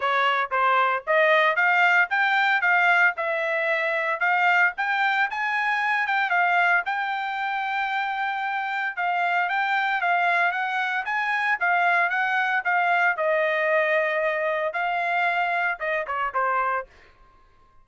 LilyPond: \new Staff \with { instrumentName = "trumpet" } { \time 4/4 \tempo 4 = 114 cis''4 c''4 dis''4 f''4 | g''4 f''4 e''2 | f''4 g''4 gis''4. g''8 | f''4 g''2.~ |
g''4 f''4 g''4 f''4 | fis''4 gis''4 f''4 fis''4 | f''4 dis''2. | f''2 dis''8 cis''8 c''4 | }